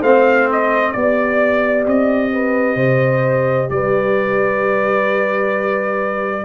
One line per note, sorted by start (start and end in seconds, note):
0.00 0.94 A3
0.00 0.96 C4
0.00 0.92 C5
0.00 0.49 F5
0.52 0.92 D#5
0.92 1.87 B3
0.92 6.46 G4
0.92 1.84 D5
0.92 2.32 D5
1.87 2.76 C4
1.87 3.70 D#5
2.33 2.77 B4
2.76 3.69 C3
2.76 3.69 C5
3.70 6.46 G3
3.70 6.46 B4
3.70 6.46 D5